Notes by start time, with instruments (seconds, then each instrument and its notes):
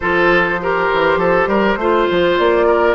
0.00 bassoon F3, clarinet F4, oboe A4, flute C5
0.61 clarinet G4, oboe A#4
0.93 bassoon E3
1.16 bassoon F3, oboe A4
1.46 bassoon G3, oboe A#4
1.76 bassoon A3, clarinet F4, oboe C5
2.10 bassoon F3
2.38 bassoon A#3, flute D5
2.66 oboe A#4